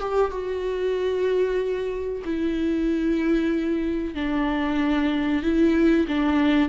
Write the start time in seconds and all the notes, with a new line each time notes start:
0.00 G4
0.31 F#4
2.24 E4
4.15 D4
5.42 E4
6.08 D4